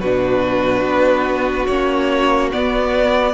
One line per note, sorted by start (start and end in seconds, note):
0.00 0.82 B2
0.00 1.70 D4
0.00 3.33 F#4
0.00 1.66 B4
0.82 1.65 B3
1.66 2.52 A#3
1.66 2.52 C#4
1.66 2.50 C#5
2.52 3.34 B3
2.52 3.34 D5